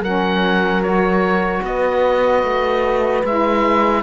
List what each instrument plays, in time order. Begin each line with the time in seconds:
0.00 cello F#3, saxophone C#4, horn A#4, oboe F#5
0.83 saxophone F#4, oboe C#5
1.63 cello B3, horn B4, oboe D#5
2.43 cello A3
3.24 cello G#3, saxophone E4, oboe E5